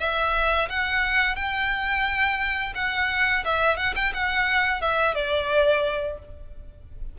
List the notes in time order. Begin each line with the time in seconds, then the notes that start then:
0.00 E5
0.69 F#5
1.36 G5
2.75 F#5
3.45 E5
3.77 F#5
3.96 G5
4.14 F#5
4.81 E5
5.15 D5